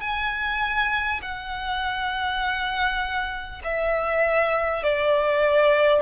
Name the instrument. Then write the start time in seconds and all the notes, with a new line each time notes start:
violin
0.00 G#5
1.22 F#5
3.64 E5
4.83 D5